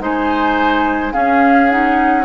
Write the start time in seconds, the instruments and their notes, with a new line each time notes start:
0.00 bassoon G#3, clarinet D#4, oboe C5, flute G#5
1.13 clarinet C#4, bassoon C#4, oboe G#4, flute F5
1.70 clarinet D#4, flute F#5